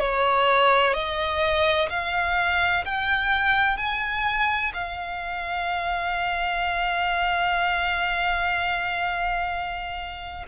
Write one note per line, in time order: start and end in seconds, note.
0.00 0.94 C#5
0.94 1.89 D#5
1.90 2.85 F5
2.85 3.77 G5
3.77 4.72 G#5
4.74 10.45 F5